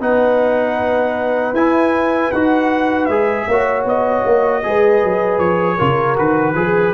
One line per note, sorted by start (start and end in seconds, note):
0.00 1.52 B3
0.00 1.54 D#4
0.00 3.46 B4
0.00 1.55 F#5
1.52 2.29 E4
1.52 2.33 E4
1.52 2.32 G#5
2.32 3.08 D#4
2.32 3.10 F#4
2.32 3.05 F#5
3.05 3.47 G#3
3.05 3.49 G#4
3.05 3.82 E5
3.47 3.84 A#3
3.47 4.63 F#4
3.47 4.63 C#5
3.84 4.23 B3
3.84 5.39 D#5
4.25 4.63 A#3
4.63 5.03 G#3
4.63 5.78 G#4
4.63 5.77 B4
5.03 5.38 F#3
5.38 5.77 F3
5.38 6.16 C#5
5.77 6.18 C#3
5.77 6.16 F4
5.77 6.54 A#4
6.16 6.54 D#3
6.16 6.54 F#4
6.16 6.93 B4
6.54 6.92 F3
6.54 6.93 G#4